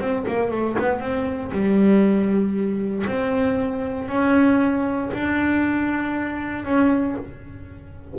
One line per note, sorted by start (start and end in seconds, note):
0.00 0.26 C4
0.28 0.51 A#3
0.51 0.77 A3
0.79 1.00 B3
1.00 1.52 C4
1.52 3.06 G3
3.07 4.09 C4
4.09 5.11 C#4
5.14 6.65 D4
6.65 7.16 C#4